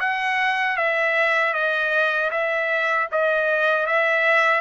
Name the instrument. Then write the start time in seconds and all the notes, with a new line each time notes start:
trumpet
0.00 F#5
0.77 E5
1.53 D#5
2.31 E5
3.12 D#5
3.86 E5